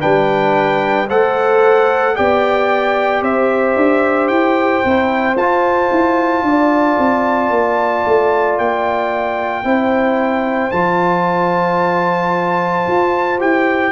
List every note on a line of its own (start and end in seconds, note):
0.00 1.10 G3
0.00 1.07 D4
0.00 1.07 B4
0.00 1.08 G5
1.09 2.17 A3
1.09 2.15 A4
1.09 2.16 C5
1.09 2.16 F#5
2.15 3.22 B3
2.15 4.83 G4
2.15 3.23 D5
2.15 3.23 G5
3.22 3.75 C4
3.22 6.44 C5
3.22 4.28 E5
3.76 4.30 D4
4.28 4.84 E4
4.28 5.35 G5
4.84 5.36 C4
4.84 5.37 E4
5.36 5.90 F4
5.36 9.65 F4
5.36 8.59 A5
5.92 6.43 E4
6.43 6.96 D4
6.43 9.66 D5
6.99 7.50 C4
7.50 8.04 A#3
8.06 8.59 A3
8.59 9.65 A#3
8.59 10.72 G5
9.65 10.72 C4
9.65 10.72 E4
9.65 13.93 C5
10.72 12.87 F3
10.72 13.39 F4
10.72 13.40 A5
12.87 13.41 F4
13.39 13.93 E4
13.39 13.93 G4
13.39 13.93 G5